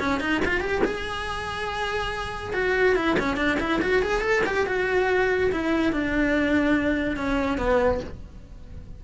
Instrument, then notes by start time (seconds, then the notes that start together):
cello
0.00 C#4
0.21 D#4
0.46 F4
0.61 G4
0.85 G#4
2.54 F#4
2.96 E4
3.20 C#4
3.37 D4
3.60 E4
3.82 F#4
4.03 G#4
4.22 A4
4.47 G4
4.67 F#4
5.52 E4
5.93 D4
7.17 C#4
7.58 B3